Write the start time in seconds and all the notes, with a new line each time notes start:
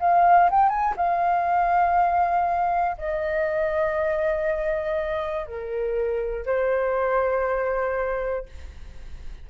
0.00 F5
0.50 G5
0.69 G#5
0.96 F5
2.98 D#5
5.46 A#4
6.46 C5